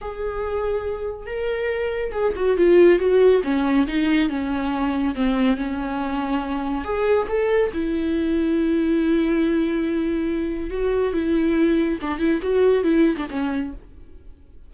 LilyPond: \new Staff \with { instrumentName = "viola" } { \time 4/4 \tempo 4 = 140 gis'2. ais'4~ | ais'4 gis'8 fis'8 f'4 fis'4 | cis'4 dis'4 cis'2 | c'4 cis'2. |
gis'4 a'4 e'2~ | e'1~ | e'4 fis'4 e'2 | d'8 e'8 fis'4 e'8. d'16 cis'4 | }